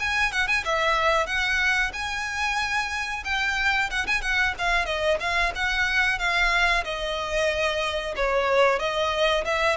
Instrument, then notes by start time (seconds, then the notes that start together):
violin
0.00 G#5
0.32 F#5
0.48 G#5
0.65 E5
1.27 F#5
1.94 G#5
3.25 G5
3.91 F#5
4.07 G#5
4.22 F#5
4.59 F5
4.86 D#5
5.20 F5
5.56 F#5
6.19 F5
6.85 D#5
8.17 C#5
8.80 D#5
9.45 E5